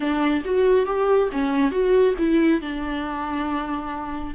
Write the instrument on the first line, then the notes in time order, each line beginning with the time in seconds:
viola
0.00 D4
0.45 F#4
0.86 G4
1.32 C#4
1.71 F#4
2.18 E4
2.61 D4